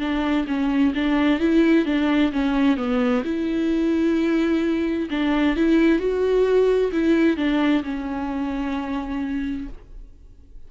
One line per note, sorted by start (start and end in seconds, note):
0.00 0.46 D4
0.47 0.94 C#4
0.94 1.40 D4
1.40 1.85 E4
1.85 2.32 D4
2.32 2.77 C#4
2.77 3.23 B3
3.24 5.09 E4
5.10 5.56 D4
5.56 5.99 E4
5.99 6.91 F#4
6.92 7.37 E4
7.37 7.83 D4
7.83 9.68 C#4